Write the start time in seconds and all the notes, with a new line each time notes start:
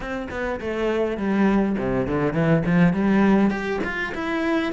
0.00 C4
0.30 B3
0.60 A3
1.17 G3
1.78 C3
2.07 D3
2.33 E3
2.65 F3
2.93 G3
3.50 G4
3.84 F4
4.14 E4